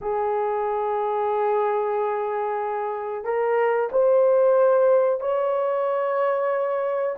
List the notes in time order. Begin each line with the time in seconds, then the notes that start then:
0.01 G#4
3.24 A#4
3.92 C5
5.20 C#5